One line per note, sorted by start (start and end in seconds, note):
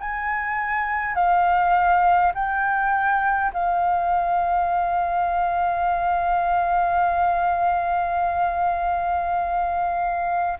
0.00 1.15 G#5
1.15 2.33 F5
2.35 3.52 G5
3.53 10.59 F5